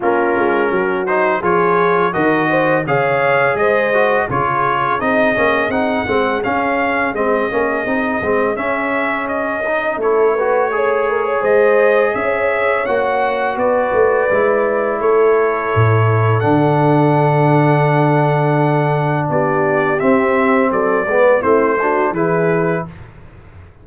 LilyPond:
<<
  \new Staff \with { instrumentName = "trumpet" } { \time 4/4 \tempo 4 = 84 ais'4. c''8 cis''4 dis''4 | f''4 dis''4 cis''4 dis''4 | fis''4 f''4 dis''2 | e''4 dis''4 cis''2 |
dis''4 e''4 fis''4 d''4~ | d''4 cis''2 fis''4~ | fis''2. d''4 | e''4 d''4 c''4 b'4 | }
  \new Staff \with { instrumentName = "horn" } { \time 4/4 f'4 fis'4 gis'4 ais'8 c''8 | cis''4 c''4 gis'2~ | gis'1~ | gis'2 a'8 b'8 cis''8 ais'16 cis''16 |
c''4 cis''2 b'4~ | b'4 a'2.~ | a'2. g'4~ | g'4 a'8 b'8 e'8 fis'8 gis'4 | }
  \new Staff \with { instrumentName = "trombone" } { \time 4/4 cis'4. dis'8 f'4 fis'4 | gis'4. fis'8 f'4 dis'8 cis'8 | dis'8 c'8 cis'4 c'8 cis'8 dis'8 c'8 | cis'4. dis'8 e'8 fis'8 gis'4~ |
gis'2 fis'2 | e'2. d'4~ | d'1 | c'4. b8 c'8 d'8 e'4 | }
  \new Staff \with { instrumentName = "tuba" } { \time 4/4 ais8 gis8 fis4 f4 dis4 | cis4 gis4 cis4 c'8 ais8 | c'8 gis8 cis'4 gis8 ais8 c'8 gis8 | cis'2 a2 |
gis4 cis'4 ais4 b8 a8 | gis4 a4 a,4 d4~ | d2. b4 | c'4 fis8 gis8 a4 e4 | }
>>